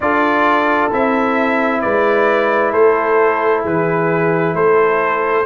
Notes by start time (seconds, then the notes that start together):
0.00 D4 F4 A4 D5
0.90 C4 E4 E5
1.81 G#3 B4 D5
2.72 A3 A4 C5
3.62 E3 G#4 B4
4.54 A3 A4 C5